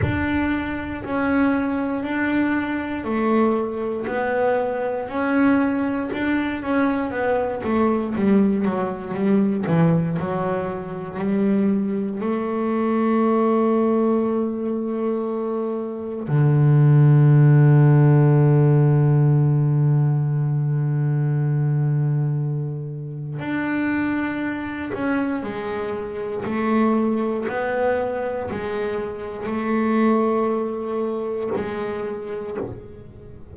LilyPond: \new Staff \with { instrumentName = "double bass" } { \time 4/4 \tempo 4 = 59 d'4 cis'4 d'4 a4 | b4 cis'4 d'8 cis'8 b8 a8 | g8 fis8 g8 e8 fis4 g4 | a1 |
d1~ | d2. d'4~ | d'8 cis'8 gis4 a4 b4 | gis4 a2 gis4 | }